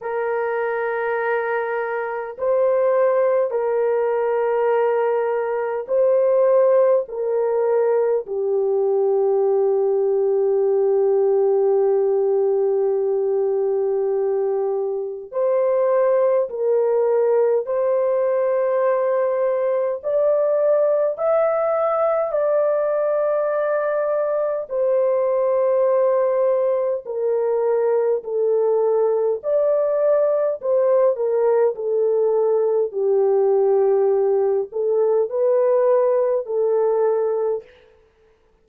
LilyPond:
\new Staff \with { instrumentName = "horn" } { \time 4/4 \tempo 4 = 51 ais'2 c''4 ais'4~ | ais'4 c''4 ais'4 g'4~ | g'1~ | g'4 c''4 ais'4 c''4~ |
c''4 d''4 e''4 d''4~ | d''4 c''2 ais'4 | a'4 d''4 c''8 ais'8 a'4 | g'4. a'8 b'4 a'4 | }